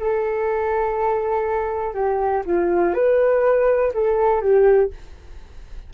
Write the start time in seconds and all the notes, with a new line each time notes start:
0.00 A4
1.94 G4
2.46 F4
2.95 B4
3.94 A4
4.42 G4